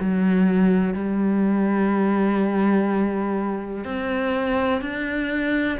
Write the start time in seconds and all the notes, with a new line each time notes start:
0.00 F#3
0.94 G3
3.84 C4
4.81 D4